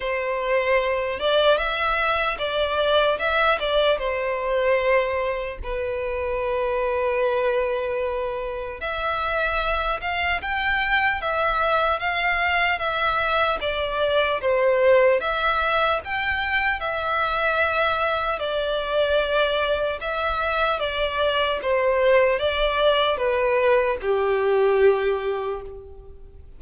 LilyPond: \new Staff \with { instrumentName = "violin" } { \time 4/4 \tempo 4 = 75 c''4. d''8 e''4 d''4 | e''8 d''8 c''2 b'4~ | b'2. e''4~ | e''8 f''8 g''4 e''4 f''4 |
e''4 d''4 c''4 e''4 | g''4 e''2 d''4~ | d''4 e''4 d''4 c''4 | d''4 b'4 g'2 | }